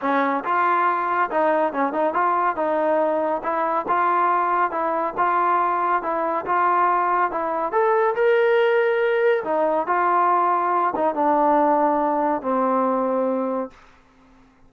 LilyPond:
\new Staff \with { instrumentName = "trombone" } { \time 4/4 \tempo 4 = 140 cis'4 f'2 dis'4 | cis'8 dis'8 f'4 dis'2 | e'4 f'2 e'4 | f'2 e'4 f'4~ |
f'4 e'4 a'4 ais'4~ | ais'2 dis'4 f'4~ | f'4. dis'8 d'2~ | d'4 c'2. | }